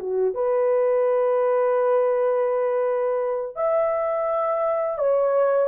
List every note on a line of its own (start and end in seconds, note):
0.00 0.35 F#4
0.35 3.56 B4
3.56 4.99 E5
4.99 5.68 C#5